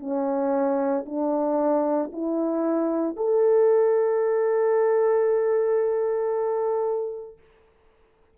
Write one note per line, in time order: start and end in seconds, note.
0.00 1.05 C#4
1.06 2.11 D4
2.13 3.17 E4
3.17 7.38 A4